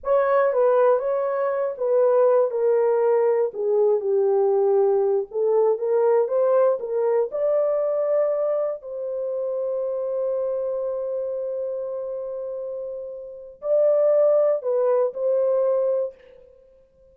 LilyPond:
\new Staff \with { instrumentName = "horn" } { \time 4/4 \tempo 4 = 119 cis''4 b'4 cis''4. b'8~ | b'4 ais'2 gis'4 | g'2~ g'8 a'4 ais'8~ | ais'8 c''4 ais'4 d''4.~ |
d''4. c''2~ c''8~ | c''1~ | c''2. d''4~ | d''4 b'4 c''2 | }